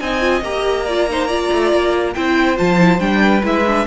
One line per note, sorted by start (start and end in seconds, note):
0.00 0.42 C4
0.00 0.20 D#4
0.00 0.85 D#5
0.00 0.43 G#5
0.20 0.42 F4
0.42 1.49 A#3
0.42 0.87 G4
0.42 2.14 A#5
0.85 1.10 F4
0.85 1.07 D5
1.10 1.29 D#4
1.10 1.27 C5
1.27 2.14 F4
1.27 2.13 D5
1.52 1.72 A3
1.72 2.15 A#3
2.14 2.59 C4
2.14 2.56 E4
2.14 3.22 C5
2.14 2.57 G5
2.56 2.99 F3
2.56 2.77 F4
2.56 3.00 A5
2.78 2.99 E4
2.99 3.42 G3
2.99 3.42 D4
2.99 3.42 G5
3.22 3.86 B4
3.43 3.86 G#3
3.43 3.65 E4
3.43 3.86 E5
3.66 3.86 D4